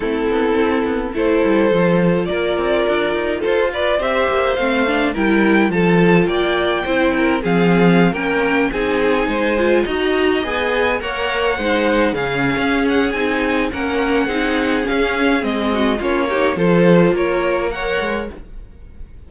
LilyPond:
<<
  \new Staff \with { instrumentName = "violin" } { \time 4/4 \tempo 4 = 105 a'2 c''2 | d''2 c''8 d''8 e''4 | f''4 g''4 a''4 g''4~ | g''4 f''4~ f''16 g''4 gis''8.~ |
gis''4~ gis''16 ais''4 gis''4 fis''8.~ | fis''4~ fis''16 f''4~ f''16 fis''8 gis''4 | fis''2 f''4 dis''4 | cis''4 c''4 cis''4 fis''4 | }
  \new Staff \with { instrumentName = "violin" } { \time 4/4 e'2 a'2 | ais'2 a'8 b'8 c''4~ | c''4 ais'4 a'4 d''4 | c''8 ais'8 gis'4~ gis'16 ais'4 gis'8.~ |
gis'16 c''4 dis''2 cis''8.~ | cis''16 c''4 gis'2~ gis'8. | ais'4 gis'2~ gis'8 fis'8 | f'8 g'8 a'4 ais'4 cis''4 | }
  \new Staff \with { instrumentName = "viola" } { \time 4/4 c'2 e'4 f'4~ | f'2. g'4 | c'8 d'8 e'4 f'2 | e'4 c'4~ c'16 cis'4 dis'8.~ |
dis'8. f'8 fis'4 gis'4 ais'8.~ | ais'16 dis'4 cis'4.~ cis'16 dis'4 | cis'4 dis'4 cis'4 c'4 | cis'8 dis'8 f'2 ais'4 | }
  \new Staff \with { instrumentName = "cello" } { \time 4/4 a8 b8 c'8 b8 a8 g8 f4 | ais8 c'8 d'8 dis'8 f'4 c'8 ais8 | a4 g4 f4 ais4 | c'4 f4~ f16 ais4 c'8.~ |
c'16 gis4 dis'4 b4 ais8.~ | ais16 gis4 cis8. cis'4 c'4 | ais4 c'4 cis'4 gis4 | ais4 f4 ais4. gis8 | }
>>